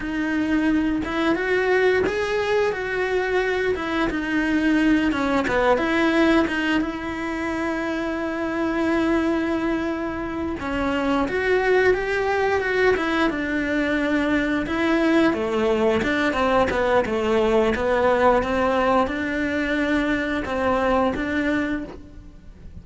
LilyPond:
\new Staff \with { instrumentName = "cello" } { \time 4/4 \tempo 4 = 88 dis'4. e'8 fis'4 gis'4 | fis'4. e'8 dis'4. cis'8 | b8 e'4 dis'8 e'2~ | e'2.~ e'8 cis'8~ |
cis'8 fis'4 g'4 fis'8 e'8 d'8~ | d'4. e'4 a4 d'8 | c'8 b8 a4 b4 c'4 | d'2 c'4 d'4 | }